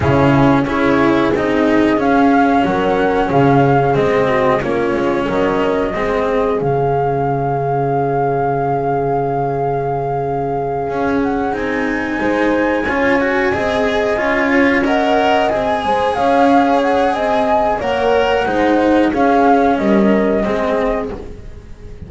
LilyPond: <<
  \new Staff \with { instrumentName = "flute" } { \time 4/4 \tempo 4 = 91 gis'4 cis''4 dis''4 f''4 | fis''4 f''4 dis''4 cis''4 | dis''2 f''2~ | f''1~ |
f''4 fis''8 gis''2~ gis''8~ | gis''2~ gis''8 fis''4 gis''8~ | gis''8 f''4 fis''8 gis''4 fis''4~ | fis''4 f''4 dis''2 | }
  \new Staff \with { instrumentName = "horn" } { \time 4/4 e'4 gis'2. | ais'4 gis'4. fis'8 f'4 | ais'4 gis'2.~ | gis'1~ |
gis'2~ gis'8 c''4 cis''8~ | cis''8 dis''4. cis''8 dis''4. | c''8 cis''4. dis''4 cis''4 | c''4 gis'4 ais'4 gis'4 | }
  \new Staff \with { instrumentName = "cello" } { \time 4/4 cis'4 e'4 dis'4 cis'4~ | cis'2 c'4 cis'4~ | cis'4 c'4 cis'2~ | cis'1~ |
cis'4. dis'2 f'8 | fis'8 gis'4 f'4 ais'4 gis'8~ | gis'2. ais'4 | dis'4 cis'2 c'4 | }
  \new Staff \with { instrumentName = "double bass" } { \time 4/4 cis4 cis'4 c'4 cis'4 | fis4 cis4 gis4 ais8 gis8 | fis4 gis4 cis2~ | cis1~ |
cis8 cis'4 c'4 gis4 cis'8~ | cis'8 c'4 cis'2 c'8 | gis8 cis'4. c'4 ais4 | gis4 cis'4 g4 gis4 | }
>>